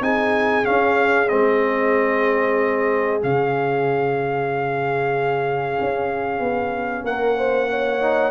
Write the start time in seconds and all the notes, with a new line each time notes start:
0.00 C4 D#4 G#4 G#5
0.63 C#4 F5
1.28 G#3 C4 D#5
3.20 C#3 C#4 F5
5.80 C#4
6.39 B3
7.04 A#3 A#4 F#5
7.37 C5
7.70 C#5
8.00 D#4